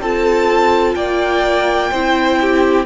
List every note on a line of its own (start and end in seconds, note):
0.00 0.95 C4
0.00 1.93 F4
0.00 0.96 A4
0.00 0.95 A5
0.95 1.91 A#3
0.95 1.91 D5
0.95 2.86 G5
1.91 2.86 C4
1.91 2.86 E4
1.91 2.38 C5
2.41 2.86 G4